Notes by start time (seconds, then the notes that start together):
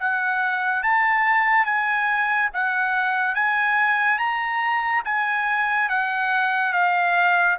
0.00 F#5
0.83 A5
1.66 G#5
2.54 F#5
3.35 G#5
4.19 A#5
5.05 G#5
5.90 F#5
6.73 F5